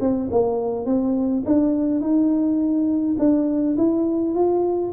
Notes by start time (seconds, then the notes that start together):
0.00 C4
0.31 A#3
0.85 C4
1.45 D4
2.01 D#4
3.18 D4
3.77 E4
4.34 F4